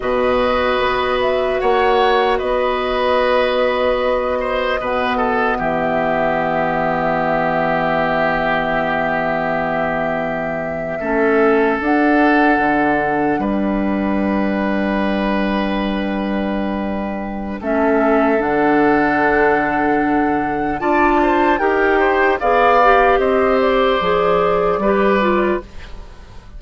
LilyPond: <<
  \new Staff \with { instrumentName = "flute" } { \time 4/4 \tempo 4 = 75 dis''4. e''8 fis''4 dis''4~ | dis''2. e''4~ | e''1~ | e''2~ e''8. fis''4~ fis''16~ |
fis''8. g''2.~ g''16~ | g''2 e''4 fis''4~ | fis''2 a''4 g''4 | f''4 dis''8 d''2~ d''8 | }
  \new Staff \with { instrumentName = "oboe" } { \time 4/4 b'2 cis''4 b'4~ | b'4. c''8 b'8 a'8 g'4~ | g'1~ | g'4.~ g'16 a'2~ a'16~ |
a'8. b'2.~ b'16~ | b'2 a'2~ | a'2 d''8 c''8 ais'8 c''8 | d''4 c''2 b'4 | }
  \new Staff \with { instrumentName = "clarinet" } { \time 4/4 fis'1~ | fis'2 b2~ | b1~ | b4.~ b16 cis'4 d'4~ d'16~ |
d'1~ | d'2 cis'4 d'4~ | d'2 f'4 g'4 | gis'8 g'4. gis'4 g'8 f'8 | }
  \new Staff \with { instrumentName = "bassoon" } { \time 4/4 b,4 b4 ais4 b4~ | b2 b,4 e4~ | e1~ | e4.~ e16 a4 d'4 d16~ |
d8. g2.~ g16~ | g2 a4 d4~ | d2 d'4 dis'4 | b4 c'4 f4 g4 | }
>>